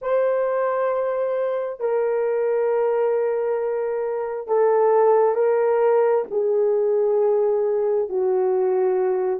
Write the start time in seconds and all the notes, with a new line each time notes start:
0.01 C5
1.80 A#4
4.47 A4
5.34 A#4
6.30 G#4
8.09 F#4